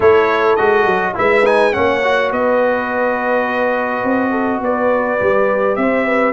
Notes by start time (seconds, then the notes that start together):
0.00 A3 E4 A4 C#5
0.56 G#3 F#4 D#5
0.85 F#3
1.14 G#3 E4 B4 E5
1.44 D#4 G#5
1.72 A#3 C#4 C#5 F#5
2.03 F#4
2.31 B3 B4 D#5
4.03 C4
4.31 A4
4.61 B3 B4 D5
5.19 G3 G4
5.75 C4 C5 E5
6.05 B4